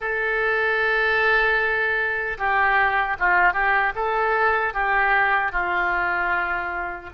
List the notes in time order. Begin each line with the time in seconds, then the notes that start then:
0.00 A4
2.38 G4
3.19 F4
3.53 G4
3.95 A4
4.73 G4
5.52 F4